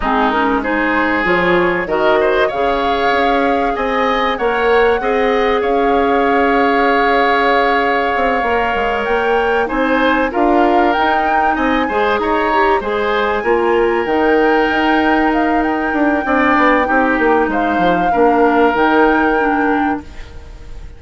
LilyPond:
<<
  \new Staff \with { instrumentName = "flute" } { \time 4/4 \tempo 4 = 96 gis'8 ais'8 c''4 cis''4 dis''4 | f''2 gis''4 fis''4~ | fis''4 f''2.~ | f''2~ f''8 g''4 gis''8~ |
gis''8 f''4 g''4 gis''4 ais''8~ | ais''8 gis''2 g''4.~ | g''8 f''8 g''2. | f''2 g''2 | }
  \new Staff \with { instrumentName = "oboe" } { \time 4/4 dis'4 gis'2 ais'8 c''8 | cis''2 dis''4 cis''4 | dis''4 cis''2.~ | cis''2.~ cis''8 c''8~ |
c''8 ais'2 dis''8 c''8 cis''8~ | cis''8 c''4 ais'2~ ais'8~ | ais'2 d''4 g'4 | c''4 ais'2. | }
  \new Staff \with { instrumentName = "clarinet" } { \time 4/4 c'8 cis'8 dis'4 f'4 fis'4 | gis'2. ais'4 | gis'1~ | gis'4. ais'2 dis'8~ |
dis'8 f'4 dis'4. gis'4 | g'8 gis'4 f'4 dis'4.~ | dis'2 d'4 dis'4~ | dis'4 d'4 dis'4 d'4 | }
  \new Staff \with { instrumentName = "bassoon" } { \time 4/4 gis2 f4 dis4 | cis4 cis'4 c'4 ais4 | c'4 cis'2.~ | cis'4 c'8 ais8 gis8 ais4 c'8~ |
c'8 d'4 dis'4 c'8 gis8 dis'8~ | dis'8 gis4 ais4 dis4 dis'8~ | dis'4. d'8 c'8 b8 c'8 ais8 | gis8 f8 ais4 dis2 | }
>>